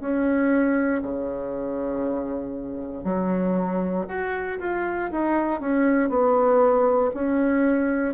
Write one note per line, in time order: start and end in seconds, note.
0.00 1.02 C#4
1.03 3.04 C#3
3.04 4.06 F#3
4.08 4.59 F#4
4.59 5.10 F4
5.11 5.61 D#4
5.61 6.09 C#4
6.09 7.11 B3
7.14 8.14 C#4